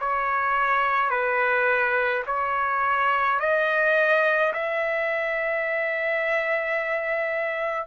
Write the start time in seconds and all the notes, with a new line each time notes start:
0.00 C#5
1.10 B4
2.26 C#5
3.40 D#5
4.53 E5